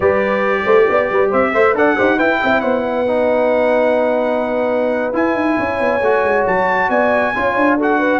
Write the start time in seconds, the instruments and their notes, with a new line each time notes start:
0.00 tuba G3, trombone G4, horn B4, trumpet D5
0.65 tuba A3, horn C5
0.89 tuba B3, horn D5
1.10 tuba G3, horn B4
1.29 tuba C4, horn C5, trumpet E5
1.53 tuba A3, trombone C5, horn E5
1.74 tuba D4, trombone A4, horn D5, trumpet F#5
1.96 tuba D#4, trombone G4, horn C5
2.16 tuba E4, trombone E4, horn B4, trumpet G5
2.40 tuba C4, horn E5
2.60 tuba B3, horn C5, trumpet F#5
2.84 horn B4
3.06 trombone D#4
5.13 trombone E4, tuba E4, trumpet G#5
5.34 tuba D#4
5.58 tuba C#4, horn C#5
5.80 tuba B3
6.01 tuba A3, trombone F#4
6.23 tuba G#3
6.46 tuba F#3, trumpet A5
6.89 tuba B3, horn D5, trumpet G#5
7.35 tuba C#4, trombone F4, horn C#5
7.55 tuba D4
7.77 trombone F#4, horn A4, trumpet F#5
7.98 horn B4